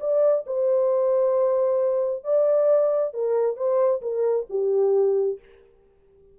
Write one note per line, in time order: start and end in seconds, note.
0.00 0.45 D5
0.46 2.24 C5
2.24 3.13 D5
3.13 3.56 A#4
3.56 4.01 C5
4.02 4.46 A#4
4.50 5.39 G4